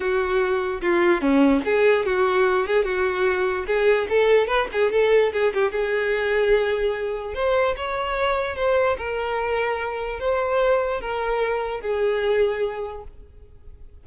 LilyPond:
\new Staff \with { instrumentName = "violin" } { \time 4/4 \tempo 4 = 147 fis'2 f'4 cis'4 | gis'4 fis'4. gis'8 fis'4~ | fis'4 gis'4 a'4 b'8 gis'8 | a'4 gis'8 g'8 gis'2~ |
gis'2 c''4 cis''4~ | cis''4 c''4 ais'2~ | ais'4 c''2 ais'4~ | ais'4 gis'2. | }